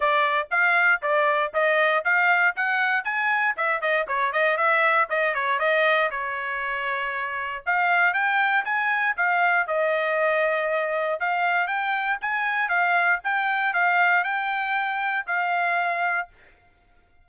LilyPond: \new Staff \with { instrumentName = "trumpet" } { \time 4/4 \tempo 4 = 118 d''4 f''4 d''4 dis''4 | f''4 fis''4 gis''4 e''8 dis''8 | cis''8 dis''8 e''4 dis''8 cis''8 dis''4 | cis''2. f''4 |
g''4 gis''4 f''4 dis''4~ | dis''2 f''4 g''4 | gis''4 f''4 g''4 f''4 | g''2 f''2 | }